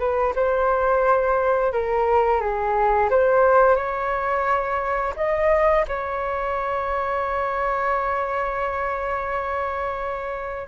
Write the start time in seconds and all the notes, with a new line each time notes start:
0.00 B4
0.36 C5
1.73 A#4
2.41 G#4
3.11 C5
3.76 C#5
5.17 D#5
5.88 C#5